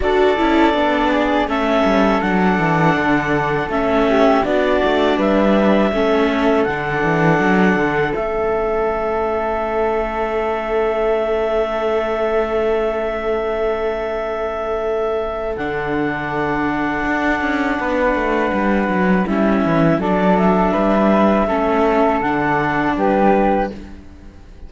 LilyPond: <<
  \new Staff \with { instrumentName = "clarinet" } { \time 4/4 \tempo 4 = 81 d''2 e''4 fis''4~ | fis''4 e''4 d''4 e''4~ | e''4 fis''2 e''4~ | e''1~ |
e''1~ | e''4 fis''2.~ | fis''2 e''4 d''8 e''8~ | e''2 fis''4 b'4 | }
  \new Staff \with { instrumentName = "flute" } { \time 4/4 a'4. gis'8 a'2~ | a'4. g'8 fis'4 b'4 | a'1~ | a'1~ |
a'1~ | a'1 | b'2 e'4 a'4 | b'4 a'2 g'4 | }
  \new Staff \with { instrumentName = "viola" } { \time 4/4 fis'8 e'8 d'4 cis'4 d'4~ | d'4 cis'4 d'2 | cis'4 d'2 cis'4~ | cis'1~ |
cis'1~ | cis'4 d'2.~ | d'2 cis'4 d'4~ | d'4 cis'4 d'2 | }
  \new Staff \with { instrumentName = "cello" } { \time 4/4 d'8 cis'8 b4 a8 g8 fis8 e8 | d4 a4 b8 a8 g4 | a4 d8 e8 fis8 d8 a4~ | a1~ |
a1~ | a4 d2 d'8 cis'8 | b8 a8 g8 fis8 g8 e8 fis4 | g4 a4 d4 g4 | }
>>